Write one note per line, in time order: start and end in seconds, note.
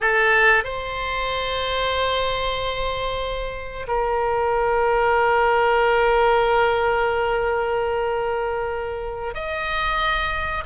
0.00 0.64 A4
0.64 3.86 C5
3.87 9.34 A#4
9.34 10.63 D#5